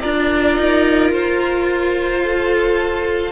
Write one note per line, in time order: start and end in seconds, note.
0.00 0.58 D4
0.00 3.32 F4
0.00 2.23 A#4
0.00 1.11 D5
0.58 1.10 D#4
1.10 3.32 F4
1.10 3.32 C5
2.23 3.32 A4